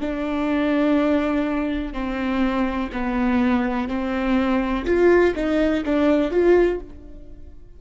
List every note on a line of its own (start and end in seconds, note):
0.00 1.93 D4
1.93 2.89 C4
2.92 3.88 B3
3.88 4.85 C4
4.85 5.34 F4
5.34 5.83 D#4
5.85 6.31 D4
6.31 6.79 F4